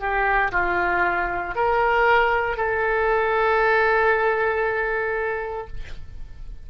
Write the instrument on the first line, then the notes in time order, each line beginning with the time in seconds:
oboe
0.00 G4
0.52 F4
1.56 A#4
2.57 A4